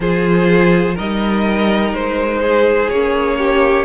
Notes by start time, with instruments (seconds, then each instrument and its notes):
0.00 cello F3, viola F4, violin G#4 C5
0.94 cello G3, viola D#4, violin A#4 D#5
1.93 cello G#3, violin C5
2.41 violin G#4
2.89 cello A#3, viola C#4, violin C#5
3.38 violin G4